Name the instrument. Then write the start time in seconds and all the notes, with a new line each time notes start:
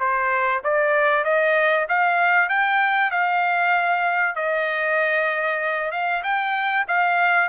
trumpet
0.00 C5
0.64 D5
1.24 D#5
1.89 F5
2.49 G5
3.11 F5
4.36 D#5
5.91 F5
6.24 G5
6.88 F5